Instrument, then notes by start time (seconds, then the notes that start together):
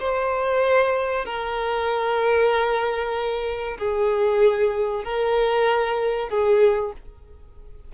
violin
0.00 C5
1.25 A#4
3.78 G#4
5.05 A#4
6.30 G#4